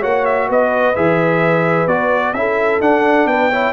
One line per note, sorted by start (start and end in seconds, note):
0.00 0.50 A#3
0.00 0.95 F#4
0.00 0.47 C#5
0.00 0.26 F#5
0.26 0.49 E5
0.49 0.96 B3
0.49 2.35 B4
0.49 0.96 D#5
0.96 1.87 E3
0.96 1.88 G#4
0.96 1.88 E5
1.87 2.34 B3
1.87 2.35 F#4
1.87 2.34 D5
2.34 2.80 C#4
2.34 2.82 E4
2.34 3.30 A4
2.34 2.80 E5
2.81 3.26 D4
2.81 3.51 D4
2.81 3.27 F#5
3.26 3.72 B3
3.26 3.50 B4
3.26 3.74 G5
3.50 3.74 E4
3.50 3.74 C#5